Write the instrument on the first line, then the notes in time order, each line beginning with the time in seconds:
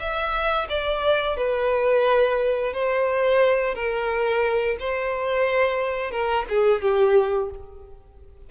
violin
0.00 E5
0.70 D5
1.37 B4
2.73 C5
3.75 A#4
4.80 C5
6.12 A#4
6.50 G#4
6.82 G4